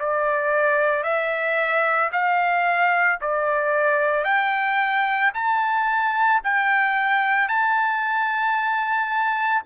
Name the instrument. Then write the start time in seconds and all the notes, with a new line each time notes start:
trumpet
0.00 D5
1.04 E5
2.13 F5
3.21 D5
4.25 G5
5.35 A5
6.44 G5
7.49 A5